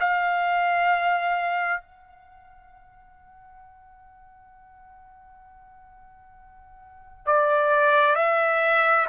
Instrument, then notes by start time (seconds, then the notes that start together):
trumpet
0.00 F5
1.81 F#5
7.26 D5
8.15 E5